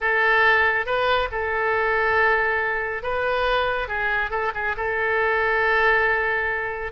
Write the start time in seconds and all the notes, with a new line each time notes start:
0.01 A4
0.85 B4
1.31 A4
3.03 B4
3.88 G#4
4.30 A4
4.54 G#4
4.76 A4